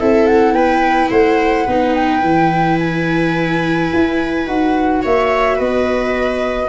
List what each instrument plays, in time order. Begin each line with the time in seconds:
0.00 tuba C4, viola E4 A4, flute E5
0.27 flute F#5
0.53 tuba B3, viola B4, flute G5
1.11 tuba A3, viola C5, flute F#5
1.66 tuba B3, viola D#4 B4
1.95 flute G5
2.21 tuba E3, viola E4
2.79 flute G#5
3.94 tuba E4
4.47 tuba D#4, viola F#4, flute F#5
5.02 tuba A#3, viola C#5, flute E5
5.57 tuba B3, viola B4, flute D#5